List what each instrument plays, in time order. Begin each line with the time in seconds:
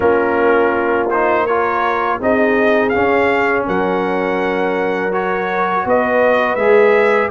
0.00 tuba A#3, trombone C#4, horn F4, trumpet A#4
1.10 trombone D#4, trumpet C5
1.45 trombone F4, horn A#4, trumpet C#5
2.20 tuba C4, trombone D#4, horn G#4, trumpet D#5
2.89 trombone C#4, trumpet F5
2.95 tuba C#4
3.66 tuba F#3, horn A#4, trumpet F#5
5.12 trombone F#4, trumpet C#5
5.85 tuba B3, horn B4, trumpet D#5
6.55 tuba G#3, trombone G#4, trumpet E5